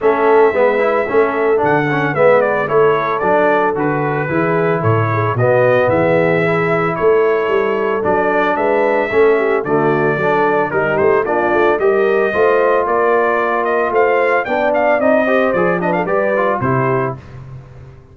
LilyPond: <<
  \new Staff \with { instrumentName = "trumpet" } { \time 4/4 \tempo 4 = 112 e''2. fis''4 | e''8 d''8 cis''4 d''4 b'4~ | b'4 cis''4 dis''4 e''4~ | e''4 cis''2 d''4 |
e''2 d''2 | ais'8 c''8 d''4 dis''2 | d''4. dis''8 f''4 g''8 f''8 | dis''4 d''8 dis''16 f''16 d''4 c''4 | }
  \new Staff \with { instrumentName = "horn" } { \time 4/4 a'4 b'4 a'2 | b'4 a'2. | gis'4 a'8 gis'8 fis'4 gis'4~ | gis'4 a'2. |
b'4 a'8 g'8 fis'4 a'4 | g'4 f'4 ais'4 c''4 | ais'2 c''4 d''4~ | d''8 c''4 b'16 a'16 b'4 g'4 | }
  \new Staff \with { instrumentName = "trombone" } { \time 4/4 cis'4 b8 e'8 cis'4 d'8 cis'8 | b4 e'4 d'4 fis'4 | e'2 b2 | e'2. d'4~ |
d'4 cis'4 a4 d'4 | dis'4 d'4 g'4 f'4~ | f'2. d'4 | dis'8 g'8 gis'8 d'8 g'8 f'8 e'4 | }
  \new Staff \with { instrumentName = "tuba" } { \time 4/4 a4 gis4 a4 d4 | gis4 a4 fis4 d4 | e4 a,4 b,4 e4~ | e4 a4 g4 fis4 |
gis4 a4 d4 fis4 | g8 a8 ais8 a8 g4 a4 | ais2 a4 b4 | c'4 f4 g4 c4 | }
>>